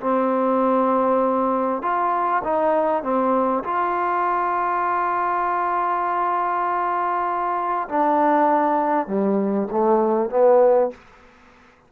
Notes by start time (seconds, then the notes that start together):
0.00 C4
1.82 F4
2.43 D#4
3.02 C4
3.63 F4
7.88 D4
9.07 G3
9.71 A3
10.29 B3